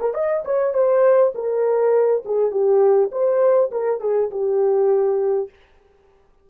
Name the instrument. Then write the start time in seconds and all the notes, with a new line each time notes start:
horn
0.00 A#4
0.14 D#5
0.45 C#5
0.74 C5
1.34 A#4
2.25 G#4
2.51 G4
3.11 C5
3.71 A#4
4.00 G#4
4.30 G4